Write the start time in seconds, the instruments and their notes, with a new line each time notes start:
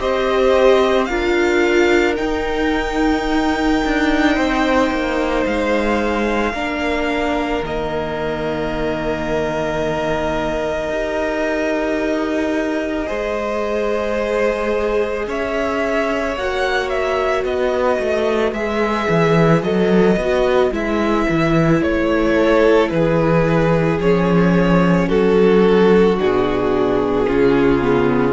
0.00 cello C4, viola G4, violin C5 D#5
1.05 cello D4, viola F4, violin A#4 F5
2.16 viola D#4, cello D#4, violin G5
3.85 cello D4
4.35 cello C4, violin C5
4.91 cello A#3
5.47 cello G#3, violin F5
6.53 cello A#3, viola D4, violin A#4
7.63 cello D#3, viola A#3, violin D#5
10.89 cello D#4, viola G4
13.07 cello G#3, viola G#4, violin C5
15.27 cello C#4, violin C#5 E5
16.37 cello A#3, viola F#4, violin F#5
16.90 violin E5
17.45 cello B3, violin B4 D#5
18.00 cello A3
18.53 cello G#3, viola G#4, violin E5
19.10 cello E3
19.63 cello F#3, viola A4, violin D#5
20.17 cello B3, viola F#4
20.72 cello G#3, viola E4, violin E5
21.30 cello E3
21.82 cello A3, violin C#5
22.35 violin A4
22.90 cello E3, violin G#4 B4
23.99 cello F3, viola C#4, violin C#5
25.08 cello F#3, violin F#4 A4
26.19 cello B2, viola D4, violin G#4
27.27 cello C#3, viola C#4, violin F4
27.82 viola B3